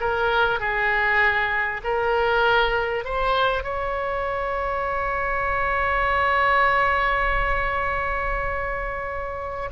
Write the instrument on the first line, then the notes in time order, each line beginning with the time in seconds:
oboe
0.00 A#4
0.60 G#4
1.83 A#4
3.04 C5
3.63 C#5